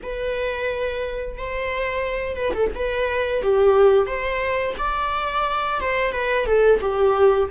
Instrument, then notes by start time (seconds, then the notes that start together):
viola
0.02 B4
1.37 C5
2.36 B4
2.54 A4
2.75 B4
3.42 G4
4.06 C5
4.78 D5
5.80 C5
6.12 B4
6.46 A4
6.81 G4